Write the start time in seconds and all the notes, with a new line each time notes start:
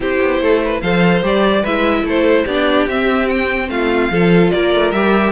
0.00 C4 E4 G4 C5
0.21 B3
0.40 A3 A4
0.63 B4
0.81 F3 A4 C5 F5
1.22 G3 G4 D5
1.61 G#3 E4 B4 E5
2.03 A3 A4
2.09 C5
2.44 B3 D4 G4 D5
2.88 C4 E5
3.28 G5
3.69 A3 F4 F5
4.10 F3 F4 A4
4.50 A#3 A#4 D5
4.74 A3
4.91 G3 G4 E5